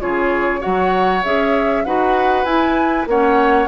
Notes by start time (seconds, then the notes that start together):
0.00 C#3 F4 G#4 C#5
0.60 F#3 F#4 C#5 F#5
1.24 C#4 G#4 E5
1.85 D#4 F#4 B4 F#5
2.45 E4 G#5
3.06 A#3 C#4 C#5 F#5